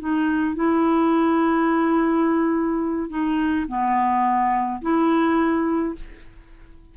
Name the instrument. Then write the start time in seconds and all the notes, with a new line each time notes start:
clarinet
0.00 D#4
0.56 E4
3.10 D#4
3.68 B3
4.82 E4